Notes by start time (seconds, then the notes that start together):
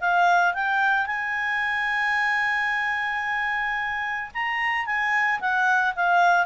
0.00 F5
0.54 G5
1.06 G#5
4.34 A#5
4.86 G#5
5.40 F#5
5.95 F5